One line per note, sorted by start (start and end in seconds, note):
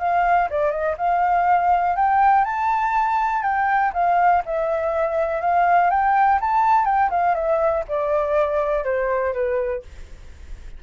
0.00 0.49 F5
0.50 0.71 D5
0.71 0.96 D#5
0.98 1.96 F5
1.96 2.45 G5
2.45 3.43 A5
3.43 3.92 G5
3.94 4.43 F5
4.46 5.41 E5
5.41 5.90 F5
5.91 6.40 G5
6.41 6.86 A5
6.86 7.10 G5
7.11 7.35 F5
7.35 7.84 E5
7.89 8.85 D5
8.85 9.34 C5
9.34 9.83 B4